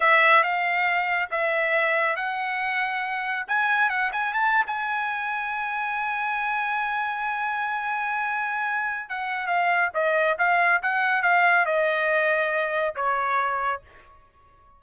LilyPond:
\new Staff \with { instrumentName = "trumpet" } { \time 4/4 \tempo 4 = 139 e''4 f''2 e''4~ | e''4 fis''2. | gis''4 fis''8 gis''8 a''8. gis''4~ gis''16~ | gis''1~ |
gis''1~ | gis''4 fis''4 f''4 dis''4 | f''4 fis''4 f''4 dis''4~ | dis''2 cis''2 | }